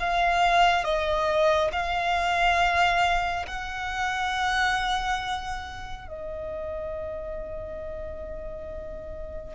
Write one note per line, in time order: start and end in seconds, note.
0.00 0.85 F5
0.85 1.72 D#5
1.73 3.47 F5
3.47 6.08 F#5
6.08 9.55 D#5